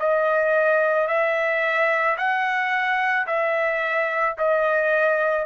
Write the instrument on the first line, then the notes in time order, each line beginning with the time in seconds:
trumpet
0.00 D#5
1.08 E5
2.18 F#5
3.27 E5
4.38 D#5